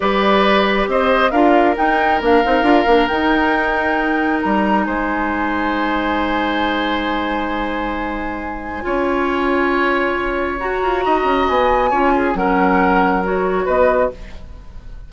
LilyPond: <<
  \new Staff \with { instrumentName = "flute" } { \time 4/4 \tempo 4 = 136 d''2 dis''4 f''4 | g''4 f''2 g''4~ | g''2 ais''4 gis''4~ | gis''1~ |
gis''1~ | gis''1 | ais''2 gis''2 | fis''2 cis''4 dis''4 | }
  \new Staff \with { instrumentName = "oboe" } { \time 4/4 b'2 c''4 ais'4~ | ais'1~ | ais'2. c''4~ | c''1~ |
c''1 | cis''1~ | cis''4 dis''2 cis''8 gis'8 | ais'2. b'4 | }
  \new Staff \with { instrumentName = "clarinet" } { \time 4/4 g'2. f'4 | dis'4 d'8 dis'8 f'8 d'8 dis'4~ | dis'1~ | dis'1~ |
dis'1 | f'1 | fis'2. f'4 | cis'2 fis'2 | }
  \new Staff \with { instrumentName = "bassoon" } { \time 4/4 g2 c'4 d'4 | dis'4 ais8 c'8 d'8 ais8 dis'4~ | dis'2 g4 gis4~ | gis1~ |
gis1 | cis'1 | fis'8 f'8 dis'8 cis'8 b4 cis'4 | fis2. b4 | }
>>